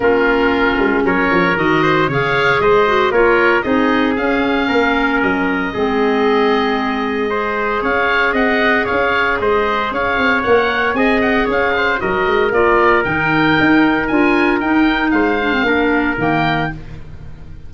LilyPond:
<<
  \new Staff \with { instrumentName = "oboe" } { \time 4/4 \tempo 4 = 115 ais'2 cis''4 dis''4 | f''4 dis''4 cis''4 dis''4 | f''2 dis''2~ | dis''2. f''4 |
fis''4 f''4 dis''4 f''4 | fis''4 gis''8 fis''8 f''4 dis''4 | d''4 g''2 gis''4 | g''4 f''2 g''4 | }
  \new Staff \with { instrumentName = "trumpet" } { \time 4/4 f'2 ais'4. c''8 | cis''4 c''4 ais'4 gis'4~ | gis'4 ais'2 gis'4~ | gis'2 c''4 cis''4 |
dis''4 cis''4 c''4 cis''4~ | cis''4 dis''4 cis''8 c''8 ais'4~ | ais'1~ | ais'4 c''4 ais'2 | }
  \new Staff \with { instrumentName = "clarinet" } { \time 4/4 cis'2. fis'4 | gis'4. fis'8 f'4 dis'4 | cis'2. c'4~ | c'2 gis'2~ |
gis'1 | ais'4 gis'2 fis'4 | f'4 dis'2 f'4 | dis'4. d'16 c'16 d'4 ais4 | }
  \new Staff \with { instrumentName = "tuba" } { \time 4/4 ais4. gis8 fis8 f8 dis4 | cis4 gis4 ais4 c'4 | cis'4 ais4 fis4 gis4~ | gis2. cis'4 |
c'4 cis'4 gis4 cis'8 c'8 | ais4 c'4 cis'4 fis8 gis8 | ais4 dis4 dis'4 d'4 | dis'4 gis4 ais4 dis4 | }
>>